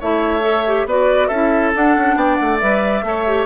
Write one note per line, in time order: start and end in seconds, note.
0.00 0.86 A3
0.00 0.42 E4
0.00 0.87 C#5
0.00 0.89 E5
0.42 0.63 A4
0.67 0.89 G4
0.86 1.29 B3
0.86 1.32 F#4
0.86 1.28 B4
0.86 1.28 D5
1.28 1.74 C#4
1.28 1.75 E4
1.28 2.15 A4
1.28 1.71 E5
1.75 2.62 D4
1.75 1.97 D4
1.75 2.18 F#5
1.97 2.16 C#4
2.16 2.37 B3
2.16 3.05 D5
2.16 2.36 G5
2.36 2.62 A3
2.36 2.57 F#5
2.60 3.03 G3
2.60 3.04 B4
2.60 3.46 E5
3.03 3.46 A3
3.03 3.25 A4
3.03 3.46 C#5
3.27 3.46 G4